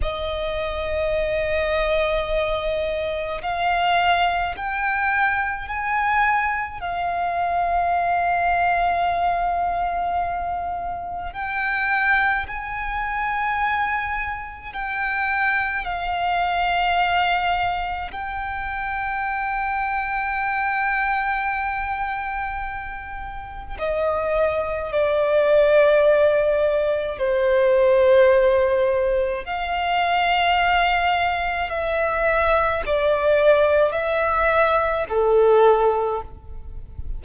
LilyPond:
\new Staff \with { instrumentName = "violin" } { \time 4/4 \tempo 4 = 53 dis''2. f''4 | g''4 gis''4 f''2~ | f''2 g''4 gis''4~ | gis''4 g''4 f''2 |
g''1~ | g''4 dis''4 d''2 | c''2 f''2 | e''4 d''4 e''4 a'4 | }